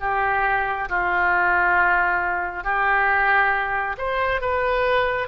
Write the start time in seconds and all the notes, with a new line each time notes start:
0.00 G4
0.89 F4
2.64 G4
3.98 C5
4.41 B4